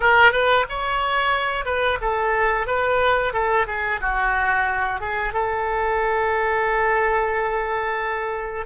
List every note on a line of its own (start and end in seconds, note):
0.00 0.32 A#4
0.32 0.65 B4
0.69 1.65 C#5
1.65 1.98 B4
2.01 2.66 A4
2.66 3.33 B4
3.33 3.66 A4
3.67 4.00 G#4
4.00 5.00 F#4
5.00 5.33 G#4
5.33 8.66 A4